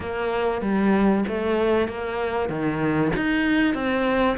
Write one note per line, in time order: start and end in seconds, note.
0.00 0.61 A#3
0.61 1.24 G3
1.28 1.88 A3
1.88 2.49 A#3
2.49 3.11 D#3
3.16 3.74 D#4
3.74 4.36 C4